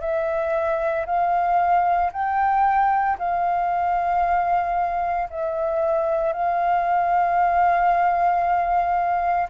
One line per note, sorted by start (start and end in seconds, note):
0.00 1.05 E5
1.06 2.11 F5
2.12 3.17 G5
3.18 5.29 F5
5.30 6.33 E5
6.33 9.48 F5